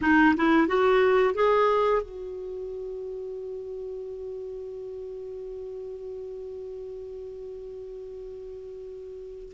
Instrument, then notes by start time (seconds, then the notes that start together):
clarinet
0.01 D#4
0.36 E4
0.67 F#4
1.34 G#4
2.02 F#4